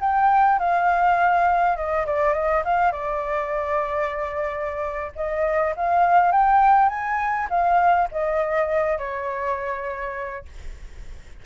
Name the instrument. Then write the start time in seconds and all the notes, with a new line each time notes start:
flute
0.00 G5
0.59 F5
1.76 D#5
2.06 D5
2.34 D#5
2.65 F5
2.92 D5
5.16 D#5
5.76 F5
6.32 G5
6.89 G#5
7.50 F5
8.11 D#5
8.98 C#5